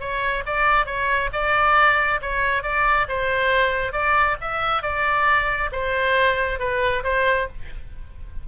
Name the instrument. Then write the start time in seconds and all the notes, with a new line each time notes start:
oboe
0.00 C#5
0.46 D5
0.86 C#5
1.33 D5
2.22 C#5
2.63 D5
3.09 C5
3.93 D5
4.41 E5
4.83 D5
5.72 C5
6.60 B4
7.04 C5